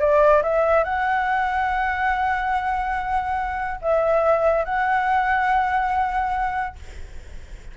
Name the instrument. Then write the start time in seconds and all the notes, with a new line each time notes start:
flute
0.00 D5
0.43 E5
0.84 F#5
3.82 E5
4.65 F#5